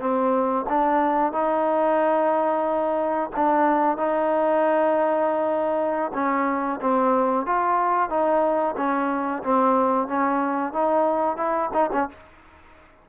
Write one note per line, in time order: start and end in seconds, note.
0.00 0.66 C4
0.70 1.32 D4
1.32 3.30 D#4
3.36 3.98 D4
3.98 6.12 D#4
6.14 6.80 C#4
6.82 7.47 C4
7.47 8.10 F4
8.10 8.76 D#4
8.77 9.43 C#4
9.43 10.08 C4
10.08 10.73 C#4
10.73 11.37 D#4
11.37 11.70 E4
11.74 11.90 D#4
11.93 12.09 C#4